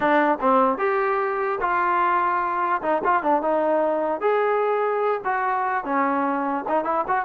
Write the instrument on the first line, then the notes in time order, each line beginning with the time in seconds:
trombone
0.00 D4
0.40 C4
0.78 G4
1.60 F4
2.82 D#4
3.04 F4
3.23 D4
3.42 D#4
4.20 G#4
5.24 F#4
5.84 C#4
6.68 D#4
6.84 E4
7.07 F#4